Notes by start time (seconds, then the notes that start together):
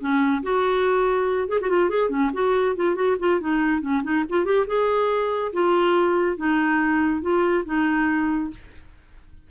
0.00 C#4
0.43 F#4
1.48 G#4
1.61 F#4
1.70 F4
1.90 G#4
2.09 C#4
2.33 F#4
2.76 F4
2.95 F#4
3.19 F4
3.40 D#4
3.81 C#4
4.03 D#4
4.29 F4
4.45 G4
4.67 G#4
5.53 F4
6.37 D#4
7.21 F4
7.65 D#4